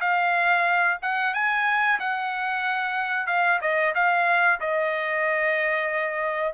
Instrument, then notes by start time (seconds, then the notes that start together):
trumpet
0.00 F5
1.02 F#5
1.33 G#5
1.99 F#5
3.27 F5
3.61 D#5
3.95 F5
4.60 D#5